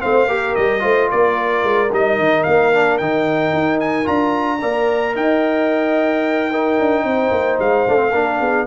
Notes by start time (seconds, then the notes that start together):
0.00 A3 C4 C5 F5
0.27 A#3 G4 A#4
0.55 G3 D#5
0.80 A3 F4 C5
1.10 A#3 A#4 D5
1.64 G#3
1.92 G3 D#4 D#5
2.19 D#3
2.44 A#3 F5
2.74 D4
2.98 D#3 D#4 G5
3.53 D#4
3.81 G#5
4.05 D4 F4 A#5
4.60 A#3 A#4 D5
5.16 D#4 D#5 G5
6.50 D#4 A#4
6.80 D4
7.04 C4 C5
7.31 A#3
7.59 G#3 F5
7.88 A3 D4
7.97 C4
8.11 A#3 D4 A#4
8.40 B3 G#4